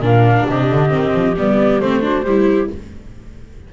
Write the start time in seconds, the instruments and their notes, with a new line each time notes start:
0.00 double bass A#2, viola D4, clarinet A#4, flute F5
0.48 double bass C3, clarinet G4, flute D#5
0.72 double bass D3
0.89 double bass D#3, viola C4
1.15 double bass F3
1.38 double bass G3, viola B3, flute D5
1.81 double bass A3, viola C4, flute C5
2.01 viola D4, clarinet F#4
2.24 double bass G3, viola E4, clarinet G4